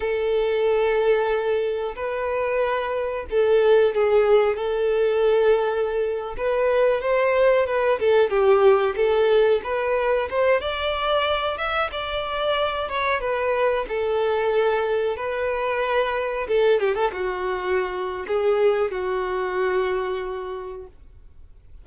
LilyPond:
\new Staff \with { instrumentName = "violin" } { \time 4/4 \tempo 4 = 92 a'2. b'4~ | b'4 a'4 gis'4 a'4~ | a'4.~ a'16 b'4 c''4 b'16~ | b'16 a'8 g'4 a'4 b'4 c''16~ |
c''16 d''4. e''8 d''4. cis''16~ | cis''16 b'4 a'2 b'8.~ | b'4~ b'16 a'8 g'16 a'16 fis'4.~ fis'16 | gis'4 fis'2. | }